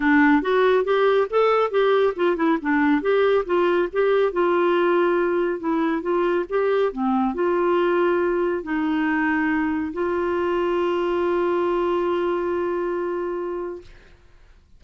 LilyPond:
\new Staff \with { instrumentName = "clarinet" } { \time 4/4 \tempo 4 = 139 d'4 fis'4 g'4 a'4 | g'4 f'8 e'8 d'4 g'4 | f'4 g'4 f'2~ | f'4 e'4 f'4 g'4 |
c'4 f'2. | dis'2. f'4~ | f'1~ | f'1 | }